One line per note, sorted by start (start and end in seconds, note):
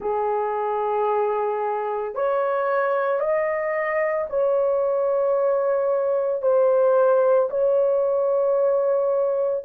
0.00 2.14 G#4
2.14 3.19 C#5
3.19 4.27 D#5
4.29 6.41 C#5
6.41 7.49 C5
7.50 9.64 C#5